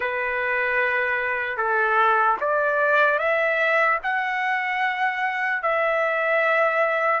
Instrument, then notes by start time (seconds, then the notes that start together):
trumpet
0.00 B4
1.57 A4
2.40 D5
3.19 E5
4.03 F#5
5.62 E5